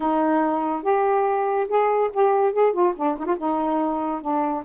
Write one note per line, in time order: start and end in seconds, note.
0.00 0.82 D#4
0.82 1.67 G4
1.68 2.10 G#4
2.13 2.52 G4
2.52 2.73 G#4
2.73 2.94 F4
2.96 3.17 D4
3.19 3.25 D#4
3.25 3.36 F4
3.37 4.21 D#4
4.21 4.63 D4